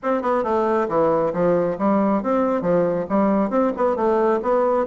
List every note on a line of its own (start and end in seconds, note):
0.02 0.21 C4
0.21 0.43 B3
0.43 0.87 A3
0.88 1.32 E3
1.33 1.77 F3
1.78 2.22 G3
2.22 2.61 C4
2.61 3.05 F3
3.09 3.50 G3
3.50 3.72 C4
3.76 3.95 B3
3.95 4.40 A3
4.42 4.86 B3